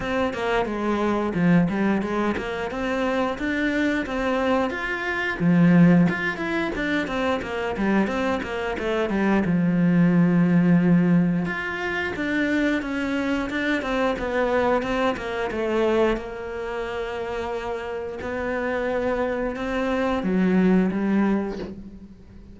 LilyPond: \new Staff \with { instrumentName = "cello" } { \time 4/4 \tempo 4 = 89 c'8 ais8 gis4 f8 g8 gis8 ais8 | c'4 d'4 c'4 f'4 | f4 f'8 e'8 d'8 c'8 ais8 g8 | c'8 ais8 a8 g8 f2~ |
f4 f'4 d'4 cis'4 | d'8 c'8 b4 c'8 ais8 a4 | ais2. b4~ | b4 c'4 fis4 g4 | }